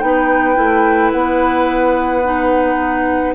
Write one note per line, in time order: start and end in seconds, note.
0.00 0.57 B3
0.00 0.55 D#4
0.00 1.11 G5
0.06 3.34 B4
0.55 1.13 A3
0.55 2.21 E4
1.12 3.34 B3
1.12 3.34 F#5
2.24 3.34 D#4